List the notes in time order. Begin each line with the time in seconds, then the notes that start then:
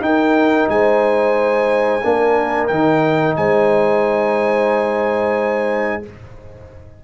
0.00 D#4 A#4 G5
0.68 G#3 C5 G#5
2.02 A#3 D4 A#4
2.67 D#3 D#4 G5
3.36 G#3 C5 G#5